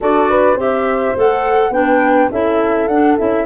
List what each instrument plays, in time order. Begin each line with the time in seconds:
0.00 tuba D4, clarinet F#4, horn A4, flute D5
0.29 horn B4
0.55 tuba C4, clarinet G4, horn C5, flute E5
1.16 tuba A3, clarinet A4, flute F#5
1.69 tuba B3, clarinet D4, horn B4, flute G5
2.31 tuba C#4, clarinet E4, horn A4, flute E5
2.87 tuba D4, clarinet D4, flute F#5
3.18 tuba C#4, clarinet E4, flute E5